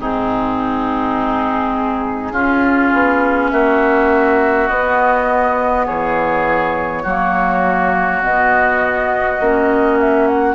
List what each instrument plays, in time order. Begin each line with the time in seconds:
0.00 bassoon G#2, clarinet C4, oboe D#4, flute G#4
2.32 bassoon C#4, clarinet C#4, oboe F4
2.93 bassoon B3
3.51 bassoon A#3, oboe F#4, flute E5
4.68 bassoon B3, clarinet B3, flute D#5
5.86 bassoon E3, oboe G#4, flute C#5
7.03 bassoon F#3, clarinet A#3, oboe F#4
8.23 bassoon B2, clarinet B3, flute D#5
9.40 bassoon A#3, clarinet C#4
10.00 flute E5
10.27 flute F#5